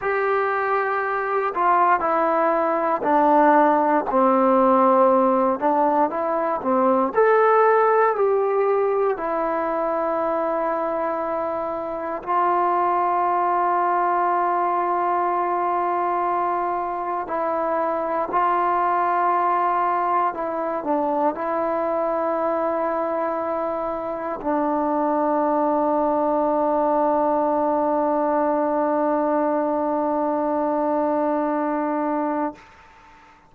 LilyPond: \new Staff \with { instrumentName = "trombone" } { \time 4/4 \tempo 4 = 59 g'4. f'8 e'4 d'4 | c'4. d'8 e'8 c'8 a'4 | g'4 e'2. | f'1~ |
f'4 e'4 f'2 | e'8 d'8 e'2. | d'1~ | d'1 | }